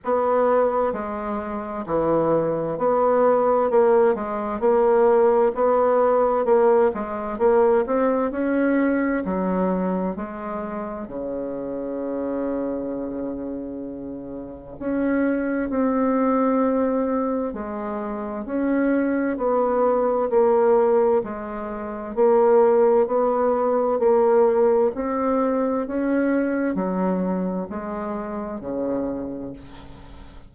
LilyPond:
\new Staff \with { instrumentName = "bassoon" } { \time 4/4 \tempo 4 = 65 b4 gis4 e4 b4 | ais8 gis8 ais4 b4 ais8 gis8 | ais8 c'8 cis'4 fis4 gis4 | cis1 |
cis'4 c'2 gis4 | cis'4 b4 ais4 gis4 | ais4 b4 ais4 c'4 | cis'4 fis4 gis4 cis4 | }